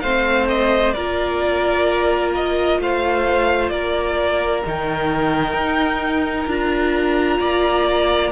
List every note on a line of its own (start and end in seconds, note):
0.00 0.93 A3
0.00 0.96 C4
0.00 0.94 C5
0.00 0.46 F5
0.48 0.92 D#5
0.92 2.78 A#3
0.92 4.65 F4
0.92 2.79 A#4
0.92 2.30 D5
2.34 2.80 D#5
2.78 3.70 A3
2.78 3.72 C5
2.78 3.69 F5
3.69 4.62 A#3
3.69 7.39 A#4
3.69 4.61 D5
4.65 5.53 D#3
4.65 6.48 D#4
4.65 6.50 G5
5.53 6.46 D#4
6.46 7.39 D4
6.46 8.31 F4
6.46 8.31 A#5
7.39 8.31 A#3
7.39 8.31 D5